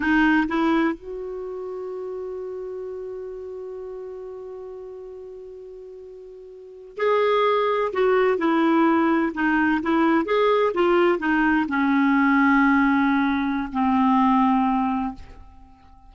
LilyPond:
\new Staff \with { instrumentName = "clarinet" } { \time 4/4 \tempo 4 = 127 dis'4 e'4 fis'2~ | fis'1~ | fis'1~ | fis'2~ fis'8. gis'4~ gis'16~ |
gis'8. fis'4 e'2 dis'16~ | dis'8. e'4 gis'4 f'4 dis'16~ | dis'8. cis'2.~ cis'16~ | cis'4 c'2. | }